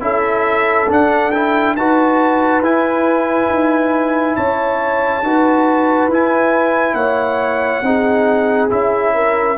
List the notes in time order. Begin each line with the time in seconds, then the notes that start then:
0.00 C#4 E4 A4 E5
0.89 D4 F#5
1.32 E4 G5
1.76 D#4 F#4 B4 A5
2.62 E4 G#5
3.50 D#4
4.36 C#4 C#5 A5
5.23 D#4 F#4 B4
6.08 E4 G#5
6.94 A#3 C#5 F#5
7.82 C4 D#4 G#4
8.69 C#4 E4 E5
9.14 A#4